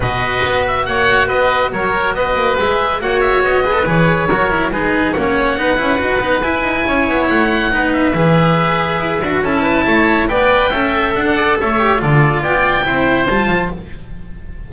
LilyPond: <<
  \new Staff \with { instrumentName = "oboe" } { \time 4/4 \tempo 4 = 140 dis''4. e''8 fis''4 dis''4 | cis''4 dis''4 e''4 fis''8 e''8 | dis''4 cis''2 b'4 | fis''2. gis''4~ |
gis''4 fis''4. e''4.~ | e''2 a''2 | g''2 fis''4 e''4 | d''4 g''2 a''4 | }
  \new Staff \with { instrumentName = "oboe" } { \time 4/4 b'2 cis''4 b'4 | ais'4 b'2 cis''4~ | cis''8 b'4. ais'4 gis'4 | cis''4 b'2. |
cis''2 b'2~ | b'2 a'8 b'8 cis''4 | d''4 e''4~ e''16 d'16 d''8 cis''4 | a'4 d''4 c''2 | }
  \new Staff \with { instrumentName = "cello" } { \time 4/4 fis'1~ | fis'2 gis'4 fis'4~ | fis'8 gis'16 a'16 gis'4 fis'8 e'8 dis'4 | cis'4 dis'8 e'8 fis'8 dis'8 e'4~ |
e'2 dis'4 gis'4~ | gis'4. fis'8 e'2 | b'4 a'2~ a'8 g'8 | f'2 e'4 f'4 | }
  \new Staff \with { instrumentName = "double bass" } { \time 4/4 b,4 b4 ais4 b4 | fis4 b8 ais8 gis4 ais4 | b4 e4 fis4 gis4 | ais4 b8 cis'8 dis'8 b8 e'8 dis'8 |
cis'8 b8 a4 b4 e4~ | e4 e'8 d'8 cis'4 a4 | b4 cis'4 d'4 a4 | d4 b4 c'4 g8 f8 | }
>>